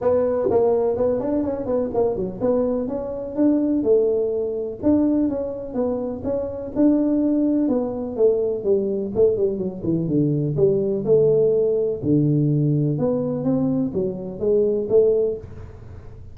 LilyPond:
\new Staff \with { instrumentName = "tuba" } { \time 4/4 \tempo 4 = 125 b4 ais4 b8 d'8 cis'8 b8 | ais8 fis8 b4 cis'4 d'4 | a2 d'4 cis'4 | b4 cis'4 d'2 |
b4 a4 g4 a8 g8 | fis8 e8 d4 g4 a4~ | a4 d2 b4 | c'4 fis4 gis4 a4 | }